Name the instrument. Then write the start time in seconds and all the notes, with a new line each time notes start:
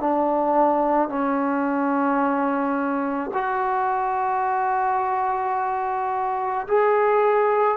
trombone
0.00 D4
1.09 C#4
3.33 F#4
6.68 G#4